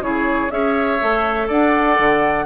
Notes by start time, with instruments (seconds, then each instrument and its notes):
0.00 bassoon C#3, clarinet E4, oboe G#4, flute C#5
0.50 bassoon C#4, clarinet G#4, oboe C#5, flute E5
1.01 bassoon A3, clarinet A4
1.48 bassoon D4, oboe D5, flute F#5
1.98 bassoon D3